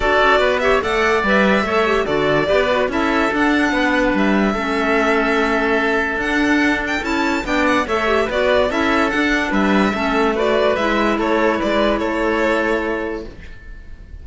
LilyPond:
<<
  \new Staff \with { instrumentName = "violin" } { \time 4/4 \tempo 4 = 145 d''4. e''8 fis''4 e''4~ | e''4 d''2 e''4 | fis''2 e''2~ | e''2. fis''4~ |
fis''8 g''8 a''4 g''8 fis''8 e''4 | d''4 e''4 fis''4 e''4~ | e''4 d''4 e''4 cis''4 | d''4 cis''2. | }
  \new Staff \with { instrumentName = "oboe" } { \time 4/4 a'4 b'8 cis''8 d''2 | cis''4 a'4 b'4 a'4~ | a'4 b'2 a'4~ | a'1~ |
a'2 d''4 cis''4 | b'4 a'2 b'4 | a'4 b'2 a'4 | b'4 a'2. | }
  \new Staff \with { instrumentName = "clarinet" } { \time 4/4 fis'4. g'8 a'4 b'4 | a'8 g'8 fis'4 g'8 fis'8 e'4 | d'2. cis'4~ | cis'2. d'4~ |
d'4 e'4 d'4 a'8 g'8 | fis'4 e'4 d'2 | cis'4 fis'4 e'2~ | e'1 | }
  \new Staff \with { instrumentName = "cello" } { \time 4/4 d'8 cis'8 b4 a4 g4 | a4 d4 b4 cis'4 | d'4 b4 g4 a4~ | a2. d'4~ |
d'4 cis'4 b4 a4 | b4 cis'4 d'4 g4 | a2 gis4 a4 | gis4 a2. | }
>>